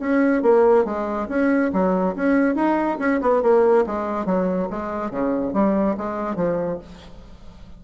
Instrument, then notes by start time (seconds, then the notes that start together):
bassoon
0.00 C#4
0.43 A#3
0.85 G#3
1.29 C#4
1.73 F#3
2.16 C#4
2.56 D#4
2.99 C#4
3.21 B3
3.43 A#3
3.87 G#3
4.26 F#3
4.71 G#3
5.11 C#3
5.54 G3
5.97 G#3
6.36 F3